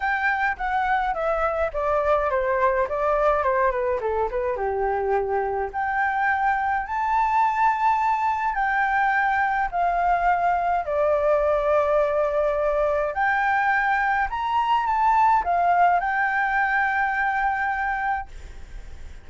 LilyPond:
\new Staff \with { instrumentName = "flute" } { \time 4/4 \tempo 4 = 105 g''4 fis''4 e''4 d''4 | c''4 d''4 c''8 b'8 a'8 b'8 | g'2 g''2 | a''2. g''4~ |
g''4 f''2 d''4~ | d''2. g''4~ | g''4 ais''4 a''4 f''4 | g''1 | }